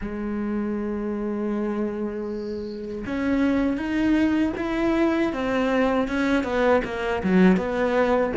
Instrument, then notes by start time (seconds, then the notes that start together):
cello
0.01 G#3
3.06 C#4
3.77 D#4
4.56 E4
5.33 C4
6.08 C#4
6.43 B3
6.84 A#3
7.23 F#3
7.56 B3